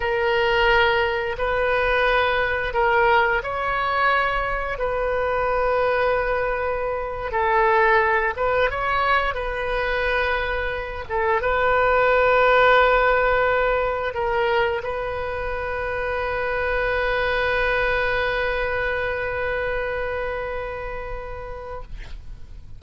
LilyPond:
\new Staff \with { instrumentName = "oboe" } { \time 4/4 \tempo 4 = 88 ais'2 b'2 | ais'4 cis''2 b'4~ | b'2~ b'8. a'4~ a'16~ | a'16 b'8 cis''4 b'2~ b'16~ |
b'16 a'8 b'2.~ b'16~ | b'8. ais'4 b'2~ b'16~ | b'1~ | b'1 | }